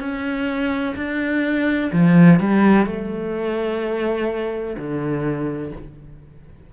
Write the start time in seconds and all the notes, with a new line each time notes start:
0.00 C#4
0.96 D4
1.93 F3
2.40 G3
2.87 A3
4.77 D3